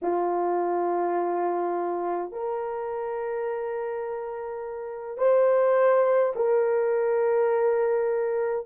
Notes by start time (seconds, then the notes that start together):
0.02 F4
2.31 A#4
5.17 C5
6.35 A#4